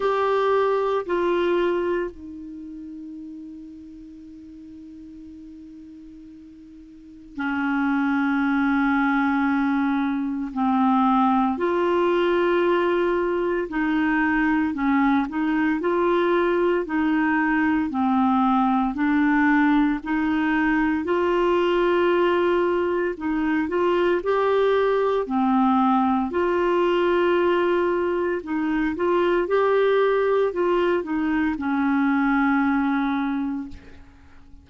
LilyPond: \new Staff \with { instrumentName = "clarinet" } { \time 4/4 \tempo 4 = 57 g'4 f'4 dis'2~ | dis'2. cis'4~ | cis'2 c'4 f'4~ | f'4 dis'4 cis'8 dis'8 f'4 |
dis'4 c'4 d'4 dis'4 | f'2 dis'8 f'8 g'4 | c'4 f'2 dis'8 f'8 | g'4 f'8 dis'8 cis'2 | }